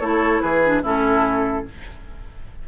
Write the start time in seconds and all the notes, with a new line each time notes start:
0.00 A3 E4 A4 C#5
0.41 E3 G#4 B4
0.65 D4
0.83 A2 C#4 E4 A4